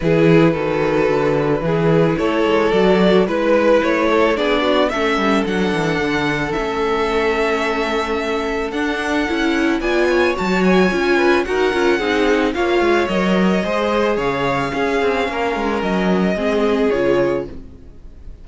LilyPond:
<<
  \new Staff \with { instrumentName = "violin" } { \time 4/4 \tempo 4 = 110 b'1 | cis''4 d''4 b'4 cis''4 | d''4 e''4 fis''2 | e''1 |
fis''2 gis''4 a''8 gis''8~ | gis''4 fis''2 f''4 | dis''2 f''2~ | f''4 dis''2 cis''4 | }
  \new Staff \with { instrumentName = "violin" } { \time 4/4 gis'4 a'2 gis'4 | a'2 b'4. a'8 | gis'8 fis'8 a'2.~ | a'1~ |
a'2 d''8 cis''4.~ | cis''8 b'8 ais'4 gis'4 cis''4~ | cis''4 c''4 cis''4 gis'4 | ais'2 gis'2 | }
  \new Staff \with { instrumentName = "viola" } { \time 4/4 e'4 fis'2 e'4~ | e'4 fis'4 e'2 | d'4 cis'4 d'2 | cis'1 |
d'4 e'4 f'4 fis'4 | f'4 fis'8 f'8 dis'4 f'4 | ais'4 gis'2 cis'4~ | cis'2 c'4 f'4 | }
  \new Staff \with { instrumentName = "cello" } { \time 4/4 e4 dis4 d4 e4 | a8 gis8 fis4 gis4 a4 | b4 a8 g8 fis8 e8 d4 | a1 |
d'4 cis'4 b4 fis4 | cis'4 dis'8 cis'8 c'4 ais8 gis8 | fis4 gis4 cis4 cis'8 c'8 | ais8 gis8 fis4 gis4 cis4 | }
>>